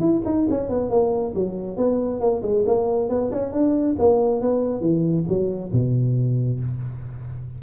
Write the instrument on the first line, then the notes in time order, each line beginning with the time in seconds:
tuba
0.00 E4
0.25 D#4
0.50 C#4
0.69 B3
0.90 A#3
1.35 F#3
1.77 B3
2.21 A#3
2.43 G#3
2.67 A#3
3.10 B3
3.32 C#4
3.53 D4
3.99 A#3
4.42 B3
4.81 E3
5.29 F#3
5.73 B2